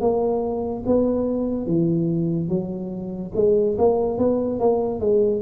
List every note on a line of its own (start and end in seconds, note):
0.00 0.83 A#3
0.85 1.66 B3
1.66 2.48 E3
2.48 3.32 F#3
3.35 3.77 G#3
3.77 4.18 A#3
4.18 4.59 B3
4.59 5.00 A#3
5.00 5.41 G#3